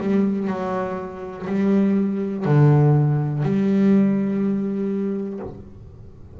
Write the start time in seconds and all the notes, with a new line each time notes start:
0.00 G3
0.47 F#3
1.46 G3
2.45 D3
3.43 G3